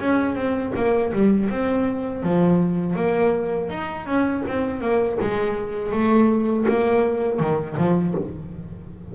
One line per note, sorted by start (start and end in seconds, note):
0.00 0.35 C#4
0.35 0.72 C4
0.75 1.12 A#3
1.13 1.50 G3
1.50 2.23 C4
2.23 2.96 F3
2.96 3.70 A#3
3.70 4.06 D#4
4.06 4.43 C#4
4.47 4.81 C4
4.81 5.18 A#3
5.21 5.92 G#3
5.92 6.66 A3
6.68 7.39 A#3
7.39 7.76 D#3
7.77 8.14 F3